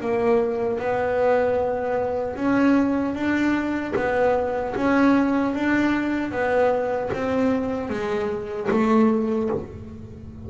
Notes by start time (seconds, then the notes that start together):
0.00 A#3
0.79 B3
2.36 C#4
3.14 D4
3.96 B3
4.75 C#4
5.54 D4
6.31 B3
7.13 C4
7.89 G#3
8.71 A3